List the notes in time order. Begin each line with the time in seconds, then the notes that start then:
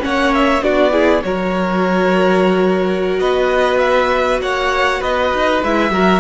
0.00 A#3 C#4 C#5 F#5
0.34 E5
0.62 B3 D4 F#4 D5
0.91 E4 G#4
1.23 F#3 F#4 A#4 C#5
3.19 B3 B4 D#5
3.79 E5
4.41 A#3 C#5 F#5
5.00 B3 B4 D#5
5.34 D#4
5.63 G#3 E4 E5
5.91 F#3 F#4 A#4